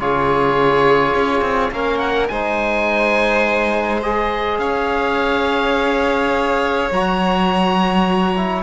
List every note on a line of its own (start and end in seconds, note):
0.00 1.15 C#3
0.00 1.73 F4
0.00 1.73 G#4
0.00 1.72 C#5
1.15 1.41 C#4
1.41 1.70 C4
1.72 2.29 A#3
1.72 2.31 C#4
1.72 2.31 A#4
1.72 1.99 F5
1.99 2.27 F#5
2.28 4.59 G#3
2.28 4.03 D#4
2.28 4.60 C5
2.28 4.01 G#5
4.03 6.91 G#4
4.03 4.59 D#5
4.59 6.89 C#4
4.59 8.63 C#5
4.59 6.90 F5
6.92 8.63 F#3
6.92 8.36 F#4
6.92 8.63 A#5
8.36 8.63 E4